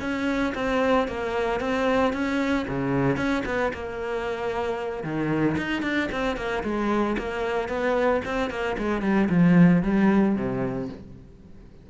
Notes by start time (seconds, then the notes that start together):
0.00 C#4
0.55 C4
1.08 A#3
1.60 C4
2.13 C#4
2.68 C#3
3.17 C#4
3.45 B3
3.73 A#3
5.03 D#3
5.58 D#4
5.82 D4
6.12 C4
6.36 A#3
6.63 G#3
7.18 A#3
7.68 B3
8.25 C4
8.50 A#3
8.78 G#3
9.02 G3
9.29 F3
9.82 G3
10.35 C3